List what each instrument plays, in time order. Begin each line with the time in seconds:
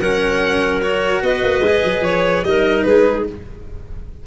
0.00 tuba F#3, cello C#4, clarinet A#4, violin F#5
0.82 cello F#4, violin C#5
1.22 tuba B3, clarinet B4, violin D#5
1.43 tuba A#3
1.59 tuba G#3
1.67 cello G#4
1.84 tuba F#3
2.02 tuba F3, violin C#5
2.44 tuba G3, cello D#4, clarinet A#4, violin D#5
2.84 tuba G#3, clarinet G#4, violin B4